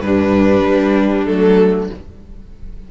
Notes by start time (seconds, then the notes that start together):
0.00 G2 D4 B4
0.07 G3
0.65 G3
1.24 F#3 A3 A4